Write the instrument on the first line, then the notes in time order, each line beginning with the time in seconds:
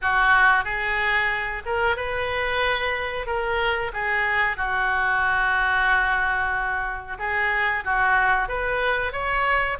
oboe
0.01 F#4
0.64 G#4
1.65 A#4
1.96 B4
3.26 A#4
3.93 G#4
4.57 F#4
7.18 G#4
7.84 F#4
8.48 B4
9.12 C#5